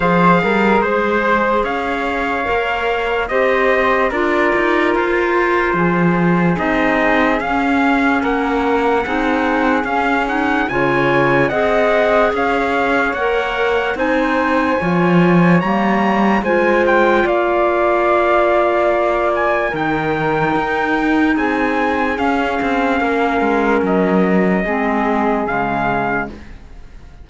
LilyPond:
<<
  \new Staff \with { instrumentName = "trumpet" } { \time 4/4 \tempo 4 = 73 f''4 c''4 f''2 | dis''4 d''4 c''2 | dis''4 f''4 fis''2 | f''8 fis''8 gis''4 fis''4 f''4 |
fis''4 gis''2 ais''4 | gis''8 g''8 f''2~ f''8 gis''8 | g''2 gis''4 f''4~ | f''4 dis''2 f''4 | }
  \new Staff \with { instrumentName = "flute" } { \time 4/4 c''8 ais'8 c''4 cis''2 | c''4 ais'2 gis'4~ | gis'2 ais'4 gis'4~ | gis'4 cis''4 dis''4 cis''4~ |
cis''4 c''4 cis''2 | c''4 d''2. | ais'2 gis'2 | ais'2 gis'2 | }
  \new Staff \with { instrumentName = "clarinet" } { \time 4/4 gis'2. ais'4 | g'4 f'2. | dis'4 cis'2 dis'4 | cis'8 dis'8 f'4 gis'2 |
ais'4 dis'4 f'4 ais4 | f'1 | dis'2. cis'4~ | cis'2 c'4 gis4 | }
  \new Staff \with { instrumentName = "cello" } { \time 4/4 f8 g8 gis4 cis'4 ais4 | c'4 d'8 dis'8 f'4 f4 | c'4 cis'4 ais4 c'4 | cis'4 cis4 c'4 cis'4 |
ais4 c'4 f4 g4 | gis4 ais2. | dis4 dis'4 c'4 cis'8 c'8 | ais8 gis8 fis4 gis4 cis4 | }
>>